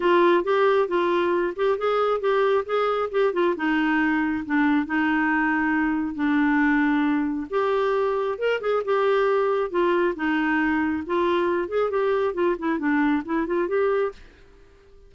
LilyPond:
\new Staff \with { instrumentName = "clarinet" } { \time 4/4 \tempo 4 = 136 f'4 g'4 f'4. g'8 | gis'4 g'4 gis'4 g'8 f'8 | dis'2 d'4 dis'4~ | dis'2 d'2~ |
d'4 g'2 ais'8 gis'8 | g'2 f'4 dis'4~ | dis'4 f'4. gis'8 g'4 | f'8 e'8 d'4 e'8 f'8 g'4 | }